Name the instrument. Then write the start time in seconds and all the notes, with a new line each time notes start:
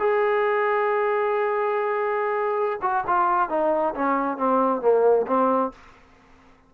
trombone
0.00 G#4
2.82 F#4
3.08 F4
3.50 D#4
3.95 C#4
4.38 C4
4.82 A#3
5.28 C4